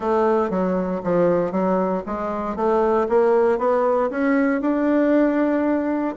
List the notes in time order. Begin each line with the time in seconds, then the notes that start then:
0.00 A3
0.49 F#3
1.03 F3
1.51 F#3
2.06 G#3
2.55 A3
3.08 A#3
3.58 B3
4.10 C#4
4.61 D4